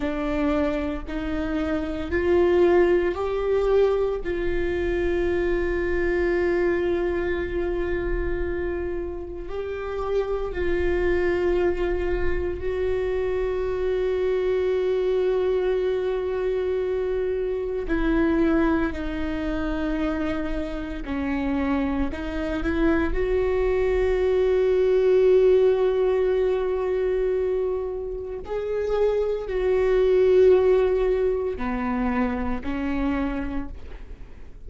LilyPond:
\new Staff \with { instrumentName = "viola" } { \time 4/4 \tempo 4 = 57 d'4 dis'4 f'4 g'4 | f'1~ | f'4 g'4 f'2 | fis'1~ |
fis'4 e'4 dis'2 | cis'4 dis'8 e'8 fis'2~ | fis'2. gis'4 | fis'2 b4 cis'4 | }